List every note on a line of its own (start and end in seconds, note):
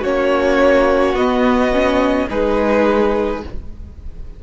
0.00 1.14 A#3
0.00 1.17 C#4
0.00 2.26 F#4
0.00 1.15 C#5
1.14 2.27 B3
1.14 1.72 B3
1.14 2.28 D#5
1.72 2.29 C#4
2.29 3.43 G#3
2.29 3.42 D#4
2.29 3.42 G#4
2.29 3.43 B4